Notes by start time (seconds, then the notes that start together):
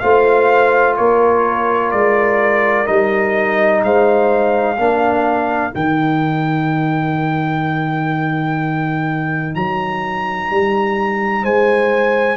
0.00 A3 F4 C5 F5
0.97 A#3 A#4 C#5
1.92 G#3 D5
2.87 G3 D#4 D#5
3.84 G#3 C5 F5
4.78 A#3 D4 A#4
5.71 D#3 D#4 G5
9.55 F#3 A#5
10.51 G3
11.43 G#3 C5 G#5